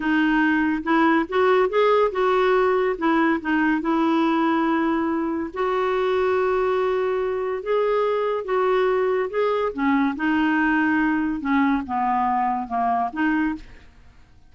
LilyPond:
\new Staff \with { instrumentName = "clarinet" } { \time 4/4 \tempo 4 = 142 dis'2 e'4 fis'4 | gis'4 fis'2 e'4 | dis'4 e'2.~ | e'4 fis'2.~ |
fis'2 gis'2 | fis'2 gis'4 cis'4 | dis'2. cis'4 | b2 ais4 dis'4 | }